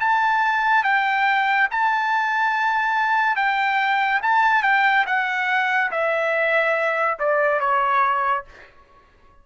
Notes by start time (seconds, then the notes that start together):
0.00 A5
0.84 G5
1.71 A5
3.36 G5
4.23 A5
4.63 G5
5.06 F#5
5.91 E5
7.19 D5
7.60 C#5